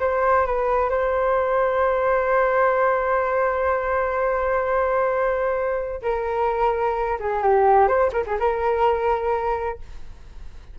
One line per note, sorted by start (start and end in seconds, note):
0.00 0.47 C5
0.47 0.90 B4
0.90 6.02 C5
6.03 7.19 A#4
7.20 7.43 G#4
7.43 7.88 G4
7.88 8.11 C5
8.13 8.25 A#4
8.27 8.38 G#4
8.40 9.79 A#4